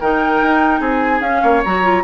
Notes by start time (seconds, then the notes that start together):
0.00 D#3 D#4 A#4 G5
0.42 D#4
0.80 C4 G#4 G#5
1.20 C#4 F5
1.42 A#3 C#5
1.64 F#3 F#4 A#5
1.83 F4